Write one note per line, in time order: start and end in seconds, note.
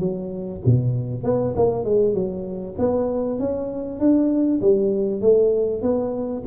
0.00 0.61 F#3
0.66 1.24 B2
1.24 1.55 B3
1.57 1.85 A#3
1.85 2.15 G#3
2.15 2.76 F#3
2.79 3.40 B3
3.40 4.00 C#4
4.00 4.61 D4
4.62 5.22 G3
5.22 5.83 A3
5.83 6.44 B3